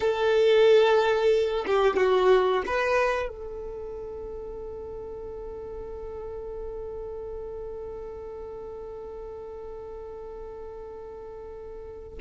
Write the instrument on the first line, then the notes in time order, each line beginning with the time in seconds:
violin
0.00 A4
1.66 G4
1.96 F#4
2.66 B4
3.28 A4